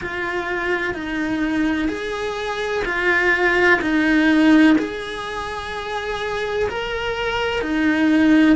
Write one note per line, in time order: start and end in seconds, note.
0.01 0.94 F4
0.94 1.88 D#4
1.88 2.83 G#4
2.84 3.80 F4
3.81 4.76 D#4
4.78 6.68 G#4
6.69 7.61 A#4
7.61 8.55 D#4